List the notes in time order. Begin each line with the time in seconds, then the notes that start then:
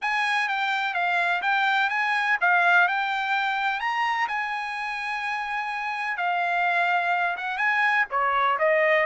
0.01 G#5
0.48 G5
0.94 F5
1.42 G5
1.89 G#5
2.40 F5
2.87 G5
3.80 A#5
4.27 G#5
6.17 F5
7.36 F#5
7.57 G#5
8.10 C#5
8.58 D#5